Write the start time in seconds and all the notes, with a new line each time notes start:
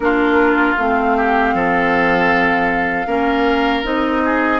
0.00 A#3 D4 F4 A#4
0.78 A3 C4 F5
1.17 G4
1.53 F3 A4
3.06 A#3 C#4 A#4
3.83 C4 D#4 D#5
4.24 G#4